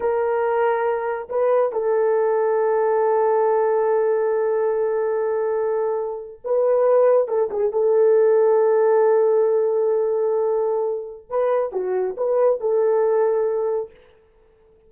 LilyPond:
\new Staff \with { instrumentName = "horn" } { \time 4/4 \tempo 4 = 138 ais'2. b'4 | a'1~ | a'1~ | a'2~ a'8. b'4~ b'16~ |
b'8. a'8 gis'8 a'2~ a'16~ | a'1~ | a'2 b'4 fis'4 | b'4 a'2. | }